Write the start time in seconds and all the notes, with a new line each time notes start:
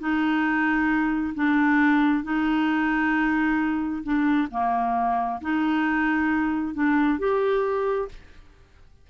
0.00 D#4
1.35 D4
2.24 D#4
4.03 D4
4.51 A#3
5.41 D#4
6.74 D4
7.19 G4